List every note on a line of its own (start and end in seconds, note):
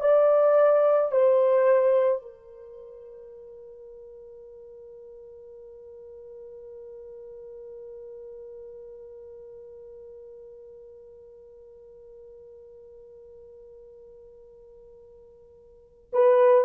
0.00 1.11 D5
1.12 2.22 C5
2.22 16.11 A#4
16.12 16.64 B4